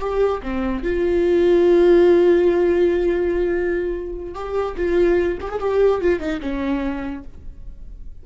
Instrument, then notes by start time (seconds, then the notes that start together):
viola
0.00 G4
0.43 C4
0.83 F4
4.34 G4
4.76 F4
5.41 G4
5.49 G#4
5.60 G4
6.01 F4
6.20 D#4
6.41 C#4